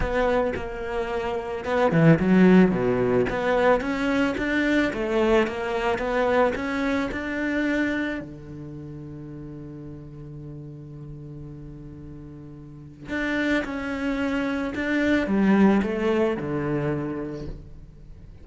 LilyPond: \new Staff \with { instrumentName = "cello" } { \time 4/4 \tempo 4 = 110 b4 ais2 b8 e8 | fis4 b,4 b4 cis'4 | d'4 a4 ais4 b4 | cis'4 d'2 d4~ |
d1~ | d1 | d'4 cis'2 d'4 | g4 a4 d2 | }